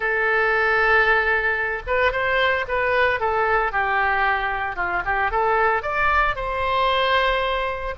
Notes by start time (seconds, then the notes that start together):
0.00 A4
1.86 B4
2.11 C5
2.68 B4
3.20 A4
3.71 G4
4.75 F4
5.05 G4
5.31 A4
5.82 D5
6.35 C5